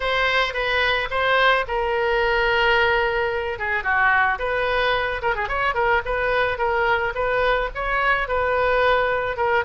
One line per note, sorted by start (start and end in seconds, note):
0.00 0.53 C5
0.53 1.08 B4
1.10 1.65 C5
1.67 3.59 A#4
3.59 3.83 G#4
3.83 4.38 F#4
4.39 5.21 B4
5.22 5.35 A#4
5.35 5.48 G#4
5.48 5.74 C#5
5.74 6.02 A#4
6.05 6.58 B4
6.58 7.13 A#4
7.14 7.69 B4
7.74 8.27 C#5
8.27 9.37 B4
9.37 9.64 A#4